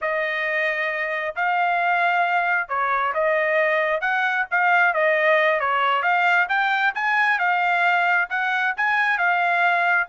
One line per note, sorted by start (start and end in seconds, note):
0.01 1.35 D#5
1.35 2.68 F5
2.68 3.13 C#5
3.13 4.00 D#5
4.00 4.45 F#5
4.51 4.93 F5
4.93 5.60 D#5
5.60 6.02 C#5
6.02 6.47 F5
6.48 6.93 G5
6.94 7.38 G#5
7.38 8.28 F5
8.29 8.74 F#5
8.76 9.18 G#5
9.18 10.07 F5